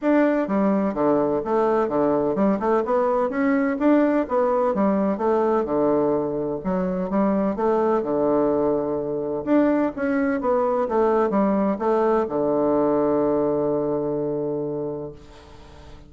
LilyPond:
\new Staff \with { instrumentName = "bassoon" } { \time 4/4 \tempo 4 = 127 d'4 g4 d4 a4 | d4 g8 a8 b4 cis'4 | d'4 b4 g4 a4 | d2 fis4 g4 |
a4 d2. | d'4 cis'4 b4 a4 | g4 a4 d2~ | d1 | }